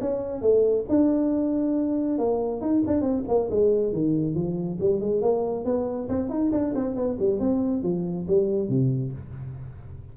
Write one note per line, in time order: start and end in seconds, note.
0.00 0.41 C#4
0.41 0.85 A3
0.89 2.18 D4
2.18 2.61 A#3
2.61 2.83 D#4
2.86 3.01 D4
3.01 3.23 C4
3.28 3.49 A#3
3.50 3.92 G#3
3.92 4.34 D#3
4.34 4.78 F3
4.80 5.00 G3
5.00 5.21 G#3
5.21 5.65 A#3
5.65 6.08 B3
6.09 6.29 C4
6.29 6.51 D#4
6.52 6.74 D4
6.75 6.95 C4
6.95 7.17 B3
7.19 7.40 G3
7.40 7.83 C4
7.83 8.26 F3
8.27 8.68 G3
8.68 9.12 C3